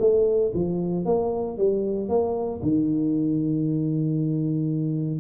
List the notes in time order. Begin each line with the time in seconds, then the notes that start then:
0.00 A3
0.54 F3
1.05 A#3
1.57 G3
2.09 A#3
2.62 D#3